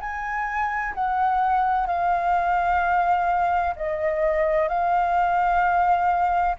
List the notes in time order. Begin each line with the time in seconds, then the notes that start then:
0.00 G#5
0.95 F#5
1.87 F5
3.76 D#5
4.68 F5